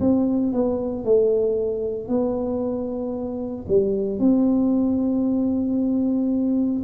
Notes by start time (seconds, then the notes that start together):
0.00 C4
0.53 B3
1.05 A3
2.08 B3
3.68 G3
4.20 C4